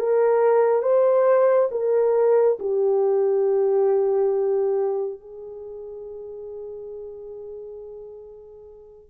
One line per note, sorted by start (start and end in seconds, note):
0.00 0.83 A#4
0.83 1.70 C5
1.72 2.58 A#4
2.60 5.21 G4
5.21 9.11 G#4